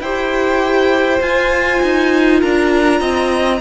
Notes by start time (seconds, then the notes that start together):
0.00 E4 G4 C5 G5
1.20 F4 G#5
1.82 D#4
2.40 D4 A#4 A#5
3.00 C4 D#5